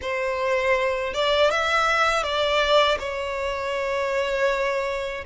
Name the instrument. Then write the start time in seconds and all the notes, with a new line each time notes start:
violin
0.01 C5
1.13 D5
1.50 E5
2.23 D5
2.99 C#5